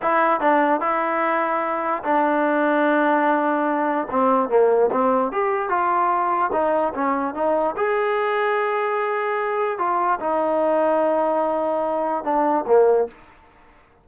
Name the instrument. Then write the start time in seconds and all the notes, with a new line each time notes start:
trombone
0.02 E4
0.40 D4
0.80 E4
2.03 D4
4.10 C4
4.49 A#3
4.91 C4
5.32 G4
5.69 F4
6.52 D#4
6.94 C#4
7.34 D#4
7.76 G#4
9.78 F4
10.20 D#4
12.24 D4
12.67 A#3